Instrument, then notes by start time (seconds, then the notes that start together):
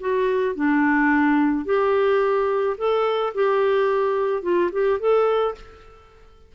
clarinet
0.00 F#4
0.55 D4
1.65 G4
2.78 A4
3.34 G4
4.43 F4
4.72 G4
4.99 A4